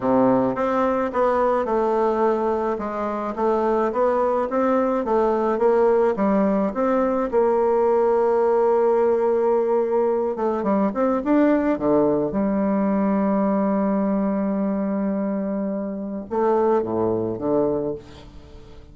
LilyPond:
\new Staff \with { instrumentName = "bassoon" } { \time 4/4 \tempo 4 = 107 c4 c'4 b4 a4~ | a4 gis4 a4 b4 | c'4 a4 ais4 g4 | c'4 ais2.~ |
ais2~ ais8 a8 g8 c'8 | d'4 d4 g2~ | g1~ | g4 a4 a,4 d4 | }